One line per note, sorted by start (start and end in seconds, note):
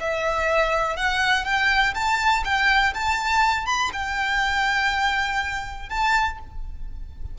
0.00 0.97 E5
0.97 1.45 F#5
1.45 1.94 G5
1.94 2.43 A5
2.45 2.94 G5
2.94 3.66 A5
3.66 3.91 B5
3.93 5.89 G5
5.89 6.38 A5